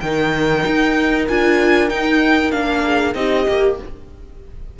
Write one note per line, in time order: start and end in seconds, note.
0.00 0.65 D#3
0.00 1.28 D#4
0.00 2.83 A#4
0.00 1.25 G5
0.66 1.29 D#4
1.28 1.90 D4
1.28 1.89 F4
1.28 1.89 G#5
1.89 2.51 D#4
1.89 2.53 D#4
1.89 2.51 G5
2.51 3.15 A#3
2.51 3.14 D4
2.51 3.14 F5
2.84 3.15 G#4
3.14 3.46 C4
3.14 3.45 D#4
3.14 3.78 G4
3.14 3.77 D#5
3.48 3.79 A#3
3.48 3.79 G4